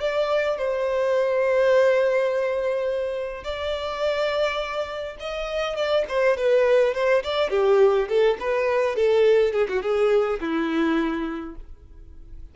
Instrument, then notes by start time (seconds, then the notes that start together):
violin
0.00 D5
0.58 C5
3.44 D5
5.19 D#5
5.76 D5
6.09 C5
6.37 B4
6.94 C5
7.24 D5
7.50 G4
8.08 A4
8.40 B4
8.96 A4
9.53 G#4
9.69 F#4
9.82 G#4
10.40 E4